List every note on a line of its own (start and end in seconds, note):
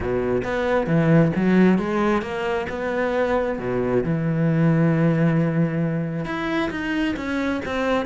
0.00 0.42 B2
0.44 0.86 B3
0.86 1.31 E3
1.35 1.78 F#3
1.78 2.21 G#3
2.21 2.66 A#3
2.69 3.58 B3
3.58 4.03 B2
4.03 6.25 E3
6.25 6.70 E4
6.70 7.15 D#4
7.16 7.61 C#4
7.65 8.05 C4